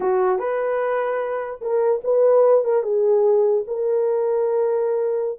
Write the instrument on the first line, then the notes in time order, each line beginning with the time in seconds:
horn
0.00 F#4
0.38 B4
1.61 A#4
2.04 B4
2.64 A#4
2.82 G#4
3.67 A#4